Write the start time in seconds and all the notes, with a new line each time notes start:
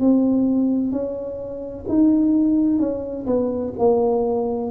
0.00 C4
0.92 C#4
1.88 D#4
2.79 C#4
3.26 B3
3.79 A#3